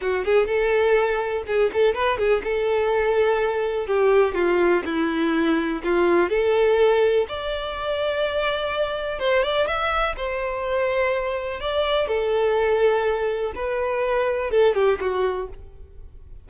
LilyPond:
\new Staff \with { instrumentName = "violin" } { \time 4/4 \tempo 4 = 124 fis'8 gis'8 a'2 gis'8 a'8 | b'8 gis'8 a'2. | g'4 f'4 e'2 | f'4 a'2 d''4~ |
d''2. c''8 d''8 | e''4 c''2. | d''4 a'2. | b'2 a'8 g'8 fis'4 | }